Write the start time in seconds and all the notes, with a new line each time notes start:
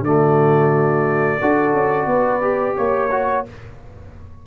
0.00 D3 A3 F#4 D5
1.40 D4 F#4 A4
1.73 C#4
2.06 B3 B4
2.41 G4
2.76 A#3 C#5
3.11 F#4